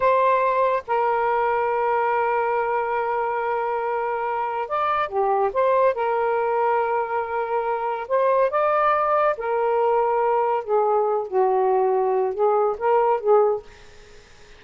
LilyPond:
\new Staff \with { instrumentName = "saxophone" } { \time 4/4 \tempo 4 = 141 c''2 ais'2~ | ais'1~ | ais'2. d''4 | g'4 c''4 ais'2~ |
ais'2. c''4 | d''2 ais'2~ | ais'4 gis'4. fis'4.~ | fis'4 gis'4 ais'4 gis'4 | }